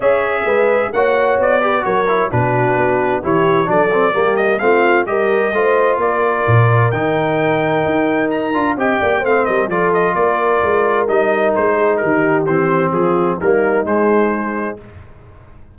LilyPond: <<
  \new Staff \with { instrumentName = "trumpet" } { \time 4/4 \tempo 4 = 130 e''2 fis''4 d''4 | cis''4 b'2 cis''4 | d''4. dis''8 f''4 dis''4~ | dis''4 d''2 g''4~ |
g''2 ais''4 g''4 | f''8 dis''8 d''8 dis''8 d''2 | dis''4 c''4 ais'4 c''4 | gis'4 ais'4 c''2 | }
  \new Staff \with { instrumentName = "horn" } { \time 4/4 cis''4 b'4 cis''4. b'8 | ais'4 fis'2 g'4 | a'4 g'4 f'4 ais'4 | c''4 ais'2.~ |
ais'2. dis''8 d''8 | c''8 ais'8 a'4 ais'2~ | ais'4. gis'8 g'2 | f'4 dis'2. | }
  \new Staff \with { instrumentName = "trombone" } { \time 4/4 gis'2 fis'4. g'8 | fis'8 e'8 d'2 e'4 | d'8 c'8 ais4 c'4 g'4 | f'2. dis'4~ |
dis'2~ dis'8 f'8 g'4 | c'4 f'2. | dis'2. c'4~ | c'4 ais4 gis2 | }
  \new Staff \with { instrumentName = "tuba" } { \time 4/4 cis'4 gis4 ais4 b4 | fis4 b,4 b4 e4 | fis4 g4 a4 g4 | a4 ais4 ais,4 dis4~ |
dis4 dis'4. d'8 c'8 ais8 | a8 g8 f4 ais4 gis4 | g4 gis4 dis4 e4 | f4 g4 gis2 | }
>>